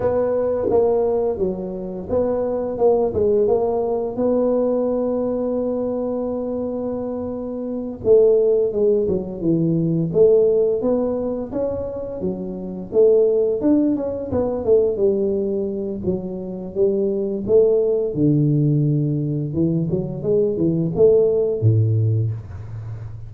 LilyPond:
\new Staff \with { instrumentName = "tuba" } { \time 4/4 \tempo 4 = 86 b4 ais4 fis4 b4 | ais8 gis8 ais4 b2~ | b2.~ b8 a8~ | a8 gis8 fis8 e4 a4 b8~ |
b8 cis'4 fis4 a4 d'8 | cis'8 b8 a8 g4. fis4 | g4 a4 d2 | e8 fis8 gis8 e8 a4 a,4 | }